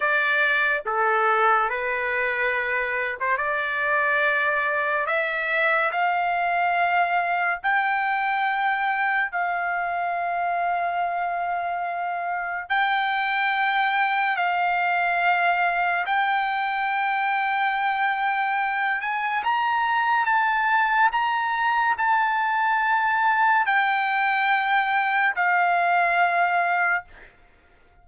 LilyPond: \new Staff \with { instrumentName = "trumpet" } { \time 4/4 \tempo 4 = 71 d''4 a'4 b'4.~ b'16 c''16 | d''2 e''4 f''4~ | f''4 g''2 f''4~ | f''2. g''4~ |
g''4 f''2 g''4~ | g''2~ g''8 gis''8 ais''4 | a''4 ais''4 a''2 | g''2 f''2 | }